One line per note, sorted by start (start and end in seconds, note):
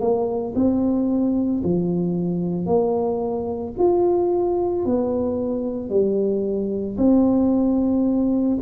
0.00 0.54 A#3
0.55 1.62 C4
1.63 2.66 F3
2.66 3.73 A#3
3.78 4.85 F4
4.85 5.89 B3
5.89 6.96 G3
6.97 8.58 C4